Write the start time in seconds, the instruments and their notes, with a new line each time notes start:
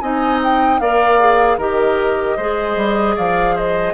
0.00 bassoon C4, clarinet D#4, oboe D#5, flute G#5
0.43 flute G5
0.80 bassoon A#3, clarinet A#4, oboe D5, flute F5
1.20 clarinet G#4
1.57 bassoon D#3, clarinet G4, oboe A#4, flute D#5
2.37 bassoon G#3, clarinet G#4, oboe C5
2.76 bassoon G3
3.15 bassoon F3, oboe D5, flute F5
3.55 oboe C5, flute D#5